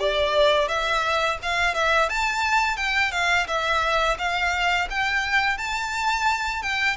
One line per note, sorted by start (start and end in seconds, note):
0.00 0.68 D5
0.68 1.38 E5
1.43 1.75 F5
1.75 2.10 E5
2.10 2.77 A5
2.77 3.12 G5
3.12 3.47 F5
3.48 4.17 E5
4.19 4.88 F5
4.90 5.58 G5
5.58 6.62 A5
6.63 6.97 G5